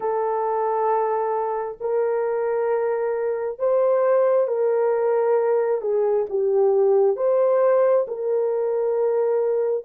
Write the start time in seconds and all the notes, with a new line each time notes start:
0.00 A4
1.80 A#4
3.59 C5
4.47 A#4
5.81 G#4
6.29 G4
7.16 C5
8.07 A#4